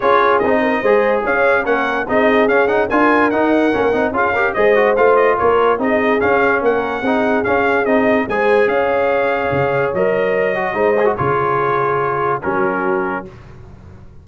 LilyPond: <<
  \new Staff \with { instrumentName = "trumpet" } { \time 4/4 \tempo 4 = 145 cis''4 dis''2 f''4 | fis''4 dis''4 f''8 fis''8 gis''4 | fis''2 f''4 dis''4 | f''8 dis''8 cis''4 dis''4 f''4 |
fis''2 f''4 dis''4 | gis''4 f''2. | dis''2. cis''4~ | cis''2 ais'2 | }
  \new Staff \with { instrumentName = "horn" } { \time 4/4 gis'4. ais'8 c''4 cis''4 | ais'4 gis'2 ais'4~ | ais'2 gis'8 ais'8 c''4~ | c''4 ais'4 gis'2 |
ais'4 gis'2. | c''4 cis''2.~ | cis''2 c''4 gis'4~ | gis'2 fis'2 | }
  \new Staff \with { instrumentName = "trombone" } { \time 4/4 f'4 dis'4 gis'2 | cis'4 dis'4 cis'8 dis'8 f'4 | dis'4 cis'8 dis'8 f'8 g'8 gis'8 fis'8 | f'2 dis'4 cis'4~ |
cis'4 dis'4 cis'4 dis'4 | gis'1 | ais'4. fis'8 dis'8 gis'16 fis'16 f'4~ | f'2 cis'2 | }
  \new Staff \with { instrumentName = "tuba" } { \time 4/4 cis'4 c'4 gis4 cis'4 | ais4 c'4 cis'4 d'4 | dis'4 ais8 c'8 cis'4 gis4 | a4 ais4 c'4 cis'4 |
ais4 c'4 cis'4 c'4 | gis4 cis'2 cis4 | fis2 gis4 cis4~ | cis2 fis2 | }
>>